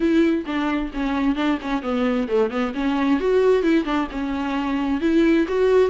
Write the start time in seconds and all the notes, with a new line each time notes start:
0.00 E4
0.45 D4
0.93 C#4
1.35 D4
1.61 C#4
1.82 B3
2.27 A3
2.50 B3
2.74 C#4
3.20 F#4
3.62 E4
3.84 D4
4.11 C#4
5.00 E4
5.48 F#4